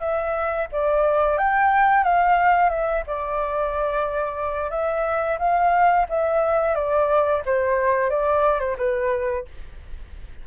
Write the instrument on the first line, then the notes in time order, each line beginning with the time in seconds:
flute
0.00 E5
0.72 D5
1.38 G5
2.03 F5
2.69 E5
3.07 D5
4.70 E5
5.39 F5
6.09 E5
6.75 D5
7.46 C5
8.10 D5
8.60 C5
8.78 B4